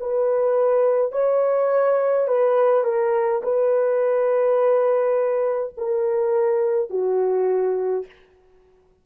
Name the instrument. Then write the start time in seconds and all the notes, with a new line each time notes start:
horn
0.00 B4
1.12 C#5
2.28 B4
2.84 A#4
3.42 B4
5.77 A#4
6.90 F#4